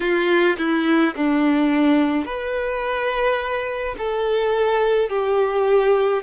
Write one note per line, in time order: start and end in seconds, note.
0.00 0.56 F4
0.58 1.14 E4
1.15 2.25 D4
2.25 3.95 B4
3.97 5.09 A4
5.09 6.22 G4